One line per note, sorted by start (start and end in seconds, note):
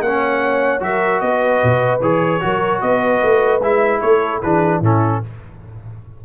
0.00 0.80 A#3
0.00 0.80 C#4
0.00 0.85 C#5
0.00 0.81 F#5
0.80 1.21 F#3
0.80 2.00 F#4
0.80 1.23 A#4
0.80 1.20 E5
1.20 1.61 B3
1.20 2.43 B4
1.20 2.00 D#5
1.63 2.00 B2
2.00 2.40 E3
2.00 2.41 G#4
2.00 2.81 C#5
2.41 2.82 F#3
2.41 3.61 F#4
2.41 2.81 A#4
2.81 3.22 B3
2.81 4.01 B4
2.81 3.61 D#5
3.22 3.61 A3
3.61 4.01 G#3
3.61 4.43 E4
3.61 4.00 E5
4.00 4.42 A3
4.00 4.42 A4
4.00 4.41 C#5
4.42 4.81 E3
4.42 4.83 D4
4.42 4.80 G#4
4.42 4.82 B4
4.80 5.21 A2
4.80 5.23 C#4
4.80 5.20 E4
4.80 5.24 A4